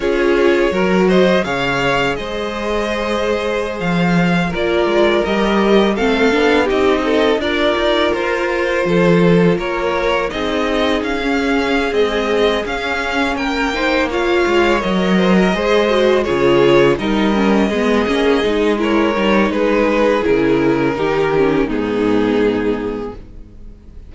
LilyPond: <<
  \new Staff \with { instrumentName = "violin" } { \time 4/4 \tempo 4 = 83 cis''4. dis''8 f''4 dis''4~ | dis''4~ dis''16 f''4 d''4 dis''8.~ | dis''16 f''4 dis''4 d''4 c''8.~ | c''4~ c''16 cis''4 dis''4 f''8.~ |
f''8 dis''4 f''4 g''4 f''8~ | f''8 dis''2 cis''4 dis''8~ | dis''2 cis''4 b'4 | ais'2 gis'2 | }
  \new Staff \with { instrumentName = "violin" } { \time 4/4 gis'4 ais'8 c''8 cis''4 c''4~ | c''2~ c''16 ais'4.~ ais'16~ | ais'16 a'4 g'8 a'8 ais'4.~ ais'16~ | ais'16 a'4 ais'4 gis'4.~ gis'16~ |
gis'2~ gis'8 ais'8 c''8 cis''8~ | cis''4 c''16 ais'16 c''4 gis'4 ais'8~ | ais'8 gis'4. ais'4 gis'4~ | gis'4 g'4 dis'2 | }
  \new Staff \with { instrumentName = "viola" } { \time 4/4 f'4 fis'4 gis'2~ | gis'2~ gis'16 f'4 g'8.~ | g'16 c'8 d'8 dis'4 f'4.~ f'16~ | f'2~ f'16 dis'4~ dis'16 cis'8~ |
cis'8 gis4 cis'4. dis'8 f'8~ | f'8 ais'4 gis'8 fis'8 f'4 dis'8 | cis'8 b8 cis'8 dis'8 e'8 dis'4. | e'4 dis'8 cis'8 b2 | }
  \new Staff \with { instrumentName = "cello" } { \time 4/4 cis'4 fis4 cis4 gis4~ | gis4~ gis16 f4 ais8 gis8 g8.~ | g16 a8 b8 c'4 d'8 dis'8 f'8.~ | f'16 f4 ais4 c'4 cis'8.~ |
cis'8 c'4 cis'4 ais4. | gis8 fis4 gis4 cis4 g8~ | g8 gis8 ais8 gis4 g8 gis4 | cis4 dis4 gis,2 | }
>>